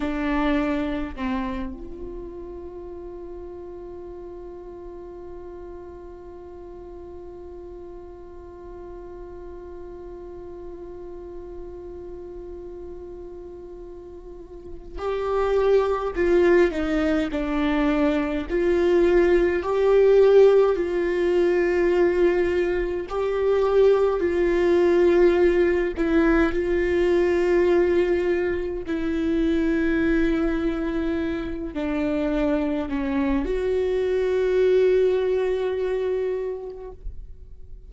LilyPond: \new Staff \with { instrumentName = "viola" } { \time 4/4 \tempo 4 = 52 d'4 c'8 f'2~ f'8~ | f'1~ | f'1~ | f'4 g'4 f'8 dis'8 d'4 |
f'4 g'4 f'2 | g'4 f'4. e'8 f'4~ | f'4 e'2~ e'8 d'8~ | d'8 cis'8 fis'2. | }